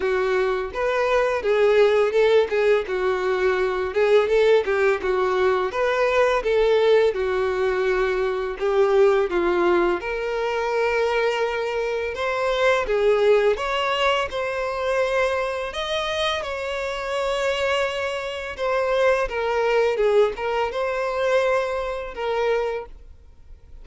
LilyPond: \new Staff \with { instrumentName = "violin" } { \time 4/4 \tempo 4 = 84 fis'4 b'4 gis'4 a'8 gis'8 | fis'4. gis'8 a'8 g'8 fis'4 | b'4 a'4 fis'2 | g'4 f'4 ais'2~ |
ais'4 c''4 gis'4 cis''4 | c''2 dis''4 cis''4~ | cis''2 c''4 ais'4 | gis'8 ais'8 c''2 ais'4 | }